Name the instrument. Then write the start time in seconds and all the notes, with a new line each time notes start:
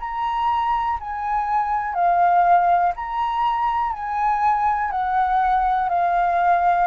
flute
0.00 A#5
1.01 G#5
1.94 F5
2.96 A#5
3.93 G#5
4.91 F#5
5.90 F5